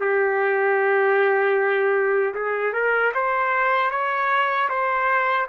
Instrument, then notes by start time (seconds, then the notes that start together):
trumpet
0.00 G4
2.34 G#4
2.73 A#4
3.14 C5
3.91 C#5
4.69 C5